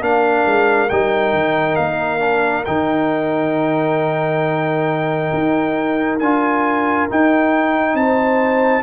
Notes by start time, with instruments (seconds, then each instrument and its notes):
0.00 tuba A#3, trombone D4, horn A#4, trumpet F5
0.46 tuba G#3
0.89 tuba G3, trombone D#4, trumpet G5
1.33 tuba D#3
1.75 tuba A#3, trumpet F5
2.19 trombone D4
2.65 tuba D#3, trombone D#4, trumpet G5
5.33 tuba D#4
6.19 tuba D4, trombone F4, trumpet G#5
7.09 trombone D#4, tuba D#4, trumpet G5
7.94 tuba C4, horn C5, trumpet A5